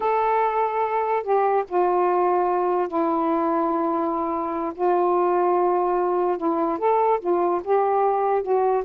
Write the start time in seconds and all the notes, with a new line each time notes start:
0.00 A4
1.23 G4
1.68 F4
2.87 E4
4.74 F4
6.37 E4
6.78 A4
7.20 F4
7.64 G4
8.42 F#4